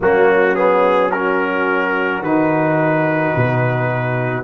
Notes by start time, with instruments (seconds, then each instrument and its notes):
0.00 tuba F#3, trombone A#3, horn C#4, trumpet F#4
0.55 trombone B3, trumpet G#4
1.11 trombone C#4, horn F#4, trumpet A#4
2.22 tuba D#3, trombone D#4, trumpet B4
3.35 tuba B2